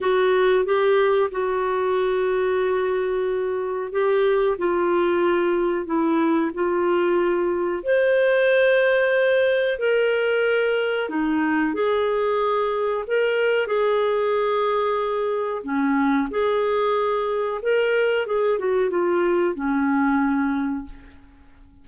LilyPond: \new Staff \with { instrumentName = "clarinet" } { \time 4/4 \tempo 4 = 92 fis'4 g'4 fis'2~ | fis'2 g'4 f'4~ | f'4 e'4 f'2 | c''2. ais'4~ |
ais'4 dis'4 gis'2 | ais'4 gis'2. | cis'4 gis'2 ais'4 | gis'8 fis'8 f'4 cis'2 | }